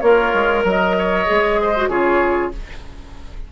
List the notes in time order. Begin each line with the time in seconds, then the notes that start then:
0.00 A#3 F4 A#4 C#5
0.34 G#3
0.63 F#3 A#4 D#5
0.98 C#5
1.26 G#3 G#4
1.61 C5
1.76 F#4
1.88 C#3 F4 G#4 C#5